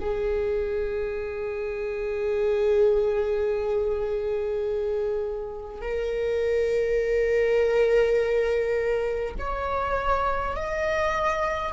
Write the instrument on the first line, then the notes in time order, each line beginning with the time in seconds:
viola
0.00 G#4
5.81 A#4
9.38 C#5
10.56 D#5